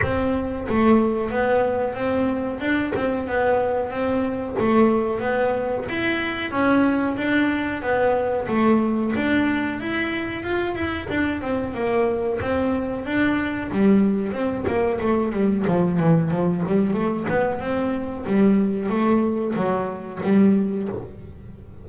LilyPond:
\new Staff \with { instrumentName = "double bass" } { \time 4/4 \tempo 4 = 92 c'4 a4 b4 c'4 | d'8 c'8 b4 c'4 a4 | b4 e'4 cis'4 d'4 | b4 a4 d'4 e'4 |
f'8 e'8 d'8 c'8 ais4 c'4 | d'4 g4 c'8 ais8 a8 g8 | f8 e8 f8 g8 a8 b8 c'4 | g4 a4 fis4 g4 | }